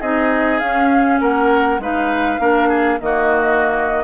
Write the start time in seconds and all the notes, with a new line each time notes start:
0.00 C4 D#4 G#4 D#5
0.59 C#4 F5
1.21 A#3 A#4 F#5
1.79 G#3 D#4 B4 F5
2.39 A#3 D4 A#4
2.69 G#4
3.01 D#3 A#3 F#4 D#5